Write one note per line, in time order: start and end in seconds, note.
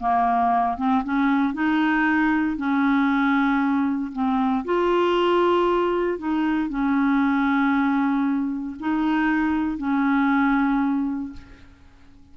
0.00 0.78 A#3
0.78 1.03 C4
1.04 1.54 C#4
1.54 2.57 D#4
2.57 4.12 C#4
4.13 4.65 C4
4.65 6.19 F4
6.19 6.70 D#4
6.70 8.76 C#4
8.80 9.78 D#4
9.78 11.33 C#4